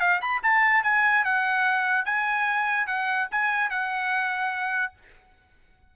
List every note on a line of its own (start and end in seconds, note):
0.00 0.21 F5
0.22 0.42 B5
0.43 0.84 A5
0.84 1.24 G#5
1.24 2.05 F#5
2.05 2.87 G#5
2.87 3.28 F#5
3.32 3.70 G#5
3.70 4.94 F#5